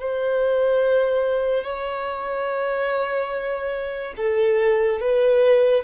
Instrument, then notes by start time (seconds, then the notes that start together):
violin
0.00 C5
1.64 C#5
4.17 A4
5.00 B4